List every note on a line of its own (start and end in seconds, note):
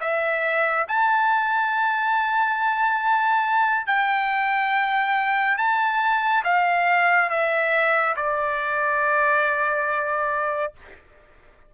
0.00 0.86 E5
0.87 3.86 A5
3.86 5.58 G5
5.58 6.43 A5
6.44 7.29 F5
7.29 8.15 E5
8.15 10.73 D5